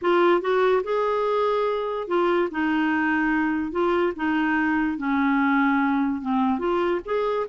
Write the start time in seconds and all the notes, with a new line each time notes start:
0.01 F4
0.41 F#4
0.83 G#4
2.07 F4
2.51 D#4
3.71 F4
4.16 D#4
4.97 C#4
6.21 C4
6.58 F4
7.05 G#4